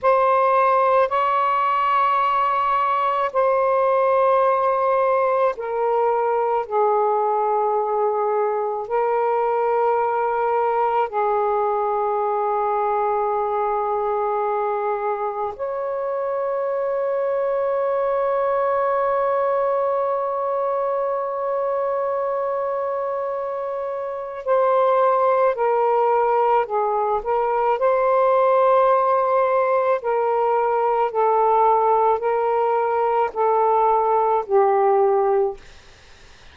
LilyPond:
\new Staff \with { instrumentName = "saxophone" } { \time 4/4 \tempo 4 = 54 c''4 cis''2 c''4~ | c''4 ais'4 gis'2 | ais'2 gis'2~ | gis'2 cis''2~ |
cis''1~ | cis''2 c''4 ais'4 | gis'8 ais'8 c''2 ais'4 | a'4 ais'4 a'4 g'4 | }